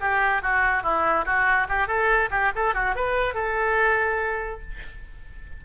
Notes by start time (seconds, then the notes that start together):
0.00 G4
0.42 F#4
0.83 E4
1.25 F#4
1.68 G4
1.87 A4
2.30 G4
2.55 A4
2.74 F#4
2.95 B4
3.34 A4